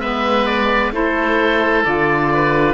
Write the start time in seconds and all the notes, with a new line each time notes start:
0.00 G#3 B3 B4 E5
0.46 D5
0.92 A3 E4 A4 C5
1.85 D3 F4 D5
2.34 B4